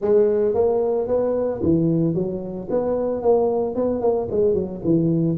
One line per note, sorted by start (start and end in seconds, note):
0.01 0.54 G#3
0.54 1.07 A#3
1.07 1.61 B3
1.62 2.14 E3
2.14 2.68 F#3
2.70 3.21 B3
3.21 3.75 A#3
3.75 4.01 B3
4.01 4.28 A#3
4.31 4.54 G#3
4.54 4.81 F#3
4.84 5.37 E3